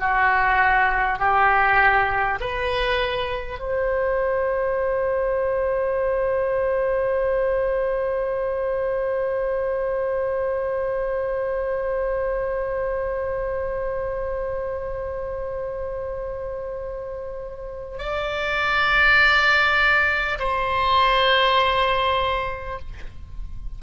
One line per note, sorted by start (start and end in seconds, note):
0.00 1.19 F#4
1.19 2.39 G4
2.41 3.59 B4
3.59 17.99 C5
17.99 20.39 D5
20.39 22.79 C5